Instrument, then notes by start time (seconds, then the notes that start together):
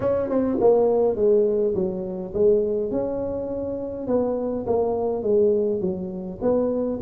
tuba
0.00 C#4
0.29 C4
0.60 A#3
1.15 G#3
1.74 F#3
2.34 G#3
2.91 C#4
4.07 B3
4.66 A#3
5.23 G#3
5.80 F#3
6.41 B3